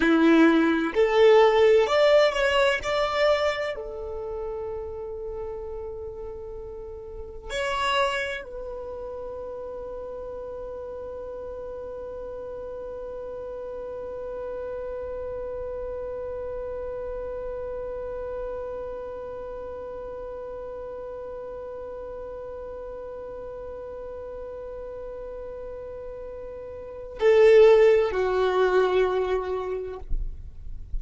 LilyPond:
\new Staff \with { instrumentName = "violin" } { \time 4/4 \tempo 4 = 64 e'4 a'4 d''8 cis''8 d''4 | a'1 | cis''4 b'2.~ | b'1~ |
b'1~ | b'1~ | b'1~ | b'4 a'4 fis'2 | }